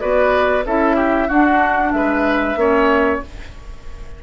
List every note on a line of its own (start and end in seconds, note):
0.00 0.65 B3
0.00 0.64 F#4
0.00 0.64 B4
0.00 0.64 D5
0.65 1.29 C#4
0.65 1.30 E4
0.65 0.96 A4
0.65 1.29 E5
0.96 1.28 G4
1.28 1.93 D4
1.28 2.57 D4
1.28 1.92 F#4
1.28 1.92 F#5
1.92 2.56 G#3
1.92 2.59 B4
1.92 3.20 E5
2.56 3.20 A#3
2.56 3.21 C#4
2.56 3.23 C#5